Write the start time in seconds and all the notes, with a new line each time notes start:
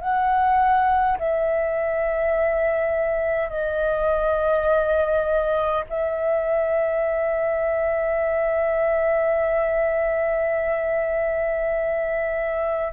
0.00 F#5
1.18 E5
3.49 D#5
5.89 E5